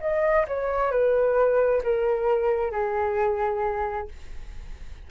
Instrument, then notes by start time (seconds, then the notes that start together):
flute
0.00 D#5
0.48 C#5
0.91 B4
1.83 A#4
2.71 G#4